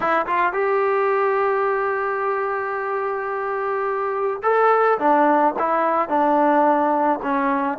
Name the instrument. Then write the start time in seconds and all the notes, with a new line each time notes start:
trombone
0.00 E4
0.26 F4
0.53 G4
4.43 A4
4.98 D4
5.58 E4
6.08 D4
7.22 C#4